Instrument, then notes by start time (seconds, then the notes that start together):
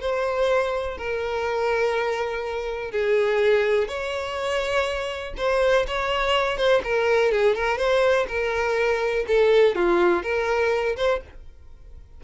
violin
0.00 C5
0.97 A#4
2.91 G#4
3.88 C#5
5.37 C5
5.87 C#5
6.57 C5
6.84 A#4
7.31 G#4
7.55 A#4
7.77 C5
8.28 A#4
9.27 A4
9.75 F4
10.23 A#4
10.96 C5